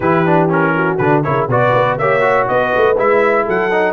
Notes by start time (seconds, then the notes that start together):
0.00 E3 E4 G4 B4
0.26 D4
0.49 C#4 A#4
0.75 F#4
0.97 D3 D4 B4
1.23 C#3 E4 A#4 C#5
1.47 B2 F#4 B4 D5
1.74 B3
1.98 A#3 G4 C#5 E5
2.21 F#4
2.48 B3 B4 D#5
2.76 A3
2.97 G#3 E4 E5
3.45 F#3 A4 F#5
3.71 D#4